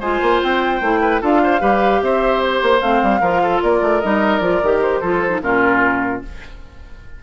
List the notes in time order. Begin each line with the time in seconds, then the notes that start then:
0.00 G#3 F4 C5 G#5
0.22 A#3
0.43 C4 G5
0.81 A3 E4
1.01 B4
1.21 D4 F4 A4 F5
1.44 C5
1.60 G3 G4 B4
2.02 C4 C5 E5
2.44 C5
2.63 A#3
2.81 A3 C4 F5
3.03 G3
3.21 F3 F4 A#4
3.43 A4
3.62 A#3 A#4 D5
3.82 A3
4.01 G3 D#4 D#5
4.39 F3 F4 D5
4.63 D#3 G4
4.82 C5
5.01 F3 F4 A4
5.30 D#4
5.42 A#2 C#4 F4 A#4